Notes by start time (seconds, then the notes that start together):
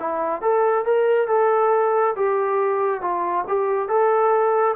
0.00 E4
0.42 A4
0.85 A#4
1.28 A4
2.16 G4
3.02 F4
3.48 G4
3.89 A4